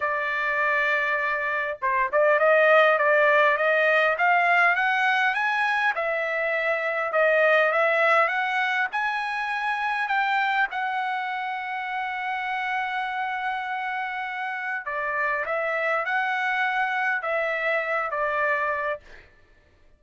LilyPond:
\new Staff \with { instrumentName = "trumpet" } { \time 4/4 \tempo 4 = 101 d''2. c''8 d''8 | dis''4 d''4 dis''4 f''4 | fis''4 gis''4 e''2 | dis''4 e''4 fis''4 gis''4~ |
gis''4 g''4 fis''2~ | fis''1~ | fis''4 d''4 e''4 fis''4~ | fis''4 e''4. d''4. | }